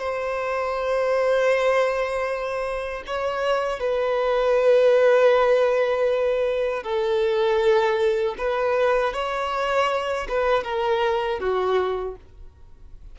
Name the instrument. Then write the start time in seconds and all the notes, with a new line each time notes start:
violin
0.00 C5
3.07 C#5
3.80 B4
6.84 A4
8.39 B4
9.13 C#5
10.29 B4
10.64 A#4
11.40 F#4